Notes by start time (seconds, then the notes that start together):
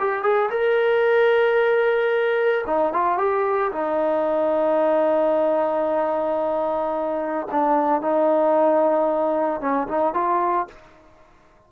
0.00 G4
0.23 G#4
0.51 A#4
2.67 D#4
2.93 F4
3.18 G4
3.73 D#4
7.52 D4
8.02 D#4
9.61 C#4
9.88 D#4
10.14 F4